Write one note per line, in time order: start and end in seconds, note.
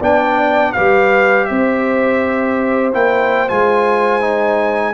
0.00 0.74 B3
0.00 0.75 D4
0.00 0.73 D5
0.00 0.72 G5
0.72 1.50 G3
0.72 2.93 G4
0.72 1.47 B4
0.72 1.45 F5
1.45 2.94 C4
1.45 4.94 C5
1.45 2.91 E5
2.93 3.49 A#3
2.93 3.47 E4
2.93 3.49 G5
3.48 4.94 G#3
3.48 4.20 F4
3.48 4.94 G#5
4.20 4.93 D#4